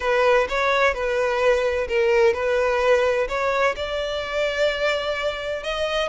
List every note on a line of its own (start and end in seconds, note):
0.00 0.47 B4
0.48 0.94 C#5
0.94 1.87 B4
1.87 2.33 A#4
2.33 3.27 B4
3.28 3.75 C#5
3.76 5.63 D5
5.63 6.08 D#5